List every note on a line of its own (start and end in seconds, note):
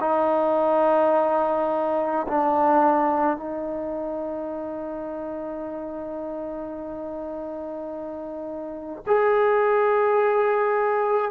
0.00 2.26 D#4
2.28 3.37 D4
3.37 9.03 D#4
9.07 11.31 G#4